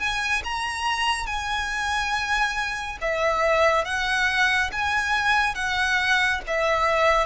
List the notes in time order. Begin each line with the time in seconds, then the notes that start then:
0.00 G#5
0.44 A#5
1.27 G#5
3.01 E5
3.85 F#5
4.72 G#5
5.55 F#5
6.48 E5